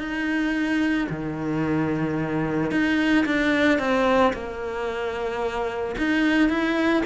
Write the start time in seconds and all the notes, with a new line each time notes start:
0.00 D#4
1.10 D#3
2.72 D#4
3.26 D4
3.79 C4
4.34 A#3
5.99 D#4
6.50 E4